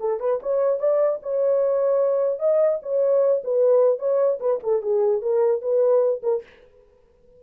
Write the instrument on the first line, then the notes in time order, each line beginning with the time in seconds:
horn
0.00 A4
0.20 B4
0.42 C#5
0.79 D5
1.22 C#5
2.39 D#5
2.82 C#5
3.44 B4
3.99 C#5
4.40 B4
4.63 A4
4.82 G#4
5.22 A#4
5.62 B4
6.23 A#4